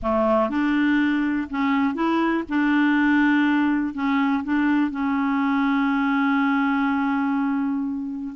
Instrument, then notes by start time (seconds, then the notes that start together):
clarinet
0.02 A3
0.49 D4
1.50 C#4
1.94 E4
2.48 D4
3.94 C#4
4.43 D4
4.90 C#4